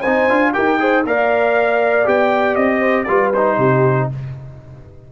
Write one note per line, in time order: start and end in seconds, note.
0.00 0.29 C4
0.00 0.30 D#4
0.00 0.50 C5
0.00 0.52 G#5
0.29 0.55 D4
0.29 0.53 F4
0.53 1.05 D#4
0.53 0.79 G4
0.53 0.80 A#4
0.53 1.03 G5
0.79 1.04 G#4
0.79 1.06 C5
1.05 2.06 A#3
1.05 2.05 A#4
1.05 2.80 D5
1.05 2.08 F5
2.05 2.56 B3
2.05 3.06 G4
2.05 2.55 G5
2.55 3.07 C4
2.55 3.03 D#5
2.80 3.05 C5
3.03 3.57 G3
3.03 3.33 F4
3.03 3.57 B4
3.03 3.29 D5
3.33 4.12 D#4
3.33 4.09 C5
3.57 4.08 C3
3.57 4.07 G4